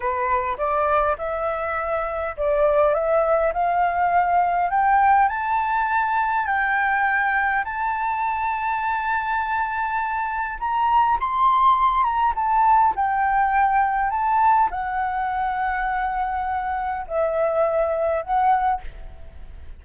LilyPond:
\new Staff \with { instrumentName = "flute" } { \time 4/4 \tempo 4 = 102 b'4 d''4 e''2 | d''4 e''4 f''2 | g''4 a''2 g''4~ | g''4 a''2.~ |
a''2 ais''4 c'''4~ | c'''8 ais''8 a''4 g''2 | a''4 fis''2.~ | fis''4 e''2 fis''4 | }